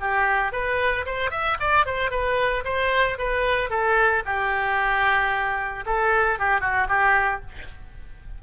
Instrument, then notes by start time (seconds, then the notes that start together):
oboe
0.00 G4
0.52 B4
1.06 C5
1.31 E5
1.60 D5
1.86 C5
2.10 B4
2.65 C5
3.18 B4
3.70 A4
4.25 G4
5.86 A4
6.39 G4
6.61 F#4
6.88 G4